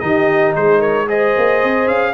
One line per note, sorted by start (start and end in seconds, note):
0.00 0.55 D#3
0.00 1.07 D#4
0.00 0.56 G4
0.00 0.53 D#5
0.56 1.36 G#3
0.56 0.79 G#4
0.56 0.82 C5
0.79 1.06 A#4
0.79 1.08 C#5
1.08 2.14 G#4
1.08 2.14 C5
1.08 1.88 D#5
1.37 1.63 A#3
1.63 1.88 C4
1.88 2.14 C#4
1.88 2.14 F5